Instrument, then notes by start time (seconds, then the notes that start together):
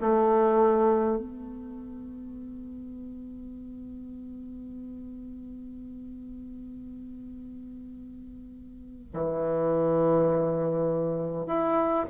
bassoon
0.00 A3
1.17 B3
9.13 E3
11.47 E4